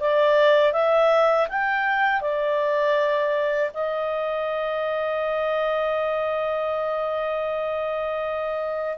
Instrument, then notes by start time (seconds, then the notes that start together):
clarinet
0.00 D5
0.73 E5
1.48 G5
2.21 D5
3.74 D#5